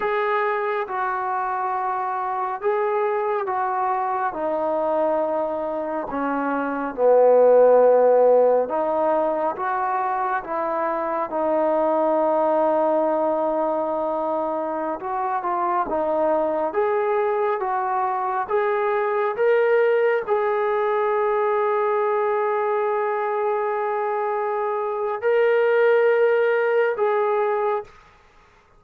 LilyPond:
\new Staff \with { instrumentName = "trombone" } { \time 4/4 \tempo 4 = 69 gis'4 fis'2 gis'4 | fis'4 dis'2 cis'4 | b2 dis'4 fis'4 | e'4 dis'2.~ |
dis'4~ dis'16 fis'8 f'8 dis'4 gis'8.~ | gis'16 fis'4 gis'4 ais'4 gis'8.~ | gis'1~ | gis'4 ais'2 gis'4 | }